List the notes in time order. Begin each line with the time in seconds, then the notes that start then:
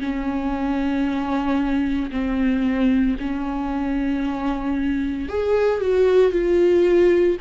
0.00 C#4
2.11 C4
3.20 C#4
5.29 G#4
5.81 F#4
6.32 F4